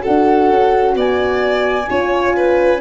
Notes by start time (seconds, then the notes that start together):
0.00 F#4 A4 F#5
0.07 D4
0.50 C#4
0.95 B3 D5 G#5
1.88 C#4 F4 C#5
2.36 B4